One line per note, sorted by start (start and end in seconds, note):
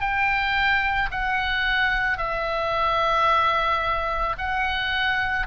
0.00 1.09 G5
1.11 2.17 F#5
2.17 4.35 E5
4.37 5.46 F#5